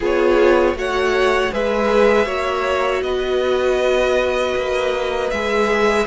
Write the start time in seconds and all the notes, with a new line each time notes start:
0.00 B3 F4 G#4 C#5
0.74 A3 F#4 C#5 F#5
1.51 G#3 G#4 B4 E5
2.25 A#3 F#4 C#5
3.01 B3 B4 D#5
4.56 A#3
5.30 G#3 G#4 E5